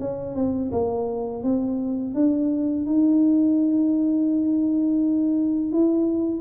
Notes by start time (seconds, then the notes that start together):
0.00 C#4
0.36 C4
0.72 A#3
1.44 C4
2.15 D4
2.87 D#4
5.72 E4